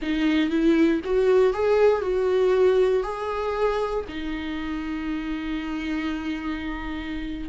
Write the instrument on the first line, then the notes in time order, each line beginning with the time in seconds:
viola
0.01 D#4
0.49 E4
1.04 F#4
1.53 G#4
2.01 F#4
3.03 G#4
4.08 D#4